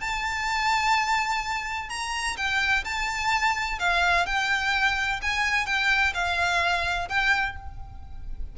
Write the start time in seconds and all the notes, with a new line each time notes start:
0.00 A5
1.89 A#5
2.36 G5
2.84 A5
3.79 F5
4.26 G5
5.22 G#5
5.66 G5
6.14 F5
7.08 G5